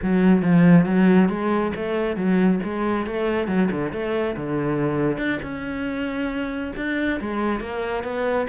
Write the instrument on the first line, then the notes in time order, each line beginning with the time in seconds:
cello
0.02 F#3
0.42 F3
0.85 F#3
1.28 G#3
1.75 A3
2.16 F#3
2.63 G#3
3.06 A3
3.47 F#3
3.71 D3
3.92 A3
4.36 D3
5.17 D4
5.42 C#4
6.76 D4
7.20 G#3
7.60 A#3
8.03 B3